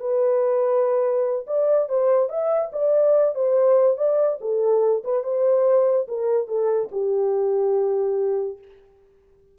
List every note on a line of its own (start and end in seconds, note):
0.00 1.46 B4
1.47 1.89 D5
1.89 2.29 C5
2.29 2.71 E5
2.72 3.35 D5
3.35 3.97 C5
3.97 4.39 D5
4.41 5.03 A4
5.04 5.24 B4
5.24 6.07 C5
6.08 6.47 A#4
6.47 6.89 A4
6.92 8.58 G4